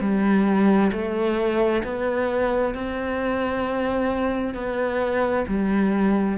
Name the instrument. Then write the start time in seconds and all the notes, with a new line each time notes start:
cello
0.00 G3
0.92 A3
1.83 B3
2.74 C4
4.54 B3
5.47 G3